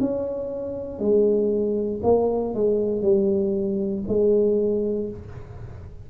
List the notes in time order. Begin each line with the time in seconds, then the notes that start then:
0.00 C#4
0.99 G#3
2.03 A#3
2.54 G#3
3.02 G3
4.08 G#3